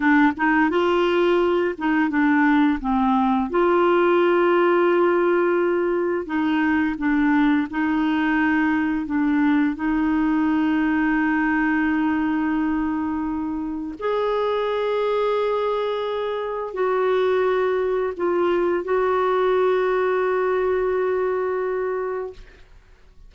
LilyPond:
\new Staff \with { instrumentName = "clarinet" } { \time 4/4 \tempo 4 = 86 d'8 dis'8 f'4. dis'8 d'4 | c'4 f'2.~ | f'4 dis'4 d'4 dis'4~ | dis'4 d'4 dis'2~ |
dis'1 | gis'1 | fis'2 f'4 fis'4~ | fis'1 | }